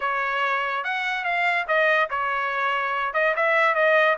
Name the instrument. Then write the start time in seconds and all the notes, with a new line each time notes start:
trumpet
0.00 C#5
0.84 F#5
1.24 F5
1.67 D#5
2.10 C#5
3.13 D#5
3.36 E5
3.74 D#5